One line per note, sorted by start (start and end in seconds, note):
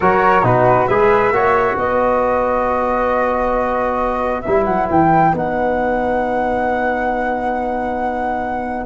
0.00 0.43 F#3
0.00 0.42 F#4
0.00 0.44 A#4
0.00 0.45 C#5
0.42 0.87 B2
0.42 0.87 D#4
0.42 0.88 F#4
0.42 0.87 B4
0.87 1.31 G#3
0.87 1.33 G#4
0.87 1.33 B4
0.87 1.76 E5
1.31 1.76 A#3
1.31 4.44 F#4
1.31 1.76 C#5
1.76 4.43 B3
1.76 8.86 B4
1.76 4.41 D#5
4.41 4.66 G3
4.41 5.33 E4
4.41 4.64 E5
4.64 4.89 F#3
4.64 4.86 F#5
4.90 5.32 E3
4.90 5.35 G5
5.32 8.86 B3
5.32 8.86 D#4
5.32 8.86 F#5